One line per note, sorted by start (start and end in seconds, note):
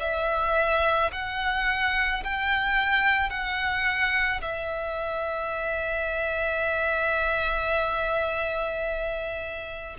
0.00 1.11 E5
1.13 2.24 F#5
2.24 3.30 G5
3.30 4.41 F#5
4.41 9.97 E5